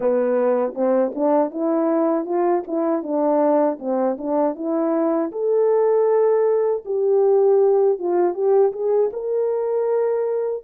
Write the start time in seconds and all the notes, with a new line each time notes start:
0.00 B3
0.74 C4
1.14 D4
1.50 E4
2.25 F4
2.67 E4
3.02 D4
3.79 C4
4.18 D4
4.55 E4
5.31 A4
6.85 G4
7.99 F4
8.34 G4
8.72 G#4
9.12 A#4